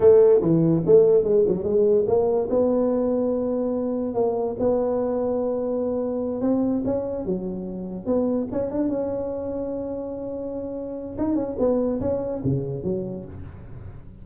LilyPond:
\new Staff \with { instrumentName = "tuba" } { \time 4/4 \tempo 4 = 145 a4 e4 a4 gis8 fis8 | gis4 ais4 b2~ | b2 ais4 b4~ | b2.~ b8 c'8~ |
c'8 cis'4 fis2 b8~ | b8 cis'8 d'8 cis'2~ cis'8~ | cis'2. dis'8 cis'8 | b4 cis'4 cis4 fis4 | }